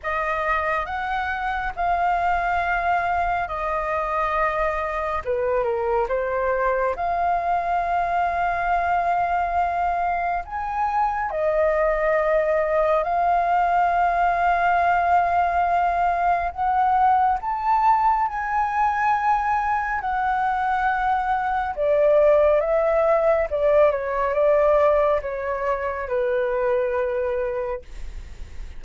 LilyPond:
\new Staff \with { instrumentName = "flute" } { \time 4/4 \tempo 4 = 69 dis''4 fis''4 f''2 | dis''2 b'8 ais'8 c''4 | f''1 | gis''4 dis''2 f''4~ |
f''2. fis''4 | a''4 gis''2 fis''4~ | fis''4 d''4 e''4 d''8 cis''8 | d''4 cis''4 b'2 | }